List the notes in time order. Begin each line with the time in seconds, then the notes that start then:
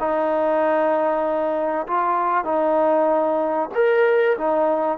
0.00 D#4
1.88 F4
2.45 D#4
3.75 A#4
4.38 D#4